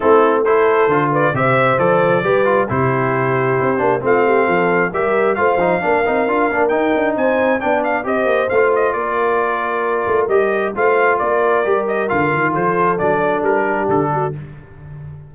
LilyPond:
<<
  \new Staff \with { instrumentName = "trumpet" } { \time 4/4 \tempo 4 = 134 a'4 c''4. d''8 e''4 | d''2 c''2~ | c''4 f''2 e''4 | f''2. g''4 |
gis''4 g''8 f''8 dis''4 f''8 dis''8 | d''2. dis''4 | f''4 d''4. dis''8 f''4 | c''4 d''4 ais'4 a'4 | }
  \new Staff \with { instrumentName = "horn" } { \time 4/4 e'4 a'4. b'8 c''4~ | c''4 b'4 g'2~ | g'4 f'8 g'8 a'4 ais'4 | c''4 ais'2. |
c''4 d''4 c''2 | ais'1 | c''4 ais'2. | a'2~ a'8 g'4 fis'8 | }
  \new Staff \with { instrumentName = "trombone" } { \time 4/4 c'4 e'4 f'4 g'4 | a'4 g'8 f'8 e'2~ | e'8 d'8 c'2 g'4 | f'8 dis'8 d'8 dis'8 f'8 d'8 dis'4~ |
dis'4 d'4 g'4 f'4~ | f'2. g'4 | f'2 g'4 f'4~ | f'4 d'2. | }
  \new Staff \with { instrumentName = "tuba" } { \time 4/4 a2 d4 c4 | f4 g4 c2 | c'8 ais8 a4 f4 g4 | a8 f8 ais8 c'8 d'8 ais8 dis'8 d'8 |
c'4 b4 c'8 ais8 a4 | ais2~ ais8 a8 g4 | a4 ais4 g4 d8 dis8 | f4 fis4 g4 d4 | }
>>